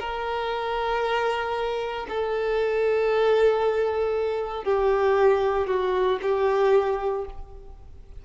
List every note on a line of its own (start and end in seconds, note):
0.00 2.07 A#4
2.09 4.65 A4
4.65 5.68 G4
5.68 6.20 F#4
6.22 7.26 G4